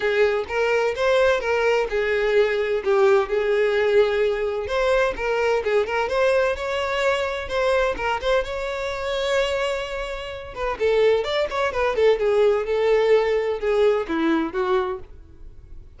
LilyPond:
\new Staff \with { instrumentName = "violin" } { \time 4/4 \tempo 4 = 128 gis'4 ais'4 c''4 ais'4 | gis'2 g'4 gis'4~ | gis'2 c''4 ais'4 | gis'8 ais'8 c''4 cis''2 |
c''4 ais'8 c''8 cis''2~ | cis''2~ cis''8 b'8 a'4 | d''8 cis''8 b'8 a'8 gis'4 a'4~ | a'4 gis'4 e'4 fis'4 | }